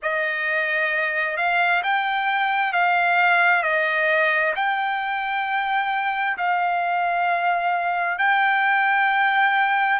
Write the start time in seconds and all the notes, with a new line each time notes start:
0.02 D#5
1.36 F5
1.83 G5
2.73 F5
3.62 D#5
4.55 G5
6.37 F5
8.18 G5